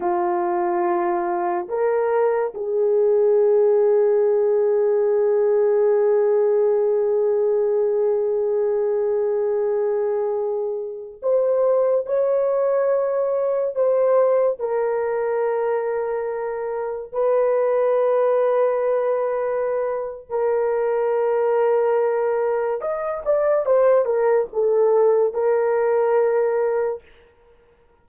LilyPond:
\new Staff \with { instrumentName = "horn" } { \time 4/4 \tempo 4 = 71 f'2 ais'4 gis'4~ | gis'1~ | gis'1~ | gis'4~ gis'16 c''4 cis''4.~ cis''16~ |
cis''16 c''4 ais'2~ ais'8.~ | ais'16 b'2.~ b'8. | ais'2. dis''8 d''8 | c''8 ais'8 a'4 ais'2 | }